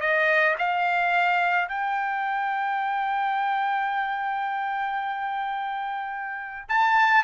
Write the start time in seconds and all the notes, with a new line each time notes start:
0.00 D#5
0.58 F5
1.68 G5
6.68 A5